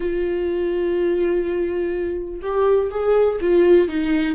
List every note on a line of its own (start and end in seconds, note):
0.00 2.40 F4
2.41 2.90 G4
2.90 3.39 G#4
3.40 3.88 F4
3.88 4.35 D#4